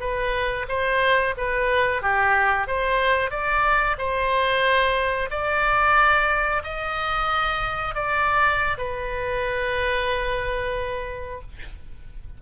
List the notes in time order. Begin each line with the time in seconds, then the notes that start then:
0.00 B4
0.69 C5
1.37 B4
2.02 G4
2.67 C5
3.31 D5
3.98 C5
5.30 D5
6.64 D#5
7.95 D5
8.78 B4